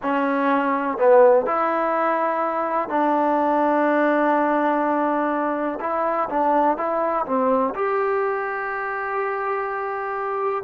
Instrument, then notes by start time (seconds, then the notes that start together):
trombone
0.02 C#4
0.98 B3
1.46 E4
2.88 D4
5.80 E4
6.29 D4
6.77 E4
7.25 C4
7.74 G4